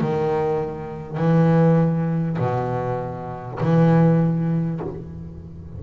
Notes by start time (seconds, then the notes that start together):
0.00 D#3
1.17 E3
2.38 B2
3.60 E3